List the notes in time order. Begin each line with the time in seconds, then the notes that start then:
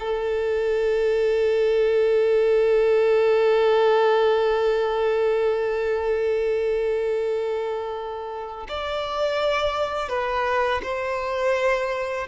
0.00 A4
8.68 D5
10.09 B4
10.83 C5